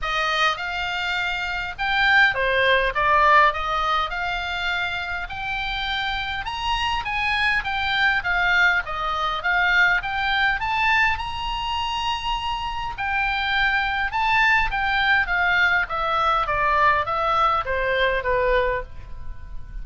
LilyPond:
\new Staff \with { instrumentName = "oboe" } { \time 4/4 \tempo 4 = 102 dis''4 f''2 g''4 | c''4 d''4 dis''4 f''4~ | f''4 g''2 ais''4 | gis''4 g''4 f''4 dis''4 |
f''4 g''4 a''4 ais''4~ | ais''2 g''2 | a''4 g''4 f''4 e''4 | d''4 e''4 c''4 b'4 | }